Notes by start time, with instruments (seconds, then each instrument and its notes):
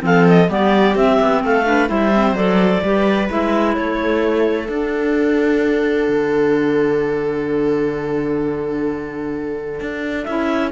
0.00 cello F3, clarinet C4 F5, viola A4
0.28 clarinet D#5
0.49 cello G3, clarinet B3 D5, viola G4
0.95 cello C4, clarinet C4 E5
1.20 cello B3
1.43 cello A3, viola A4, clarinet F5
1.64 clarinet D4, viola B4
1.88 cello G3, clarinet E4 E5, viola C5
2.14 clarinet C4
2.32 cello F#3, clarinet A4 D5
2.83 cello G3, clarinet G4, viola B4
3.29 cello G#3, clarinet E4 E5
3.75 cello A3, viola A4, clarinet C#5
4.66 clarinet D4 F#5, cello D4
6.08 cello D3
9.80 cello D4
10.23 cello C#4, clarinet E4 E5